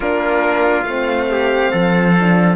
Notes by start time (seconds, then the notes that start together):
0.00 A#3 D4 F4 A#4
0.83 A3 C4 F5
1.30 G4
1.71 F3 A4
2.19 D4